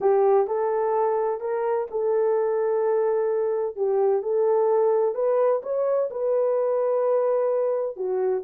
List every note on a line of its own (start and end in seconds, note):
0.00 0.47 G4
0.47 1.40 A4
1.40 1.87 A#4
1.90 3.76 A4
3.76 4.22 G4
4.22 5.14 A4
5.14 5.61 B4
5.62 6.09 C#5
6.10 7.96 B4
7.96 8.43 F#4